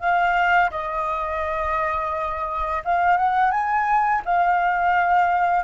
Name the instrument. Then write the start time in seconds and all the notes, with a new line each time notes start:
flute
0.00 F5
0.71 D#5
2.85 F5
3.17 F#5
3.51 G#5
4.25 F5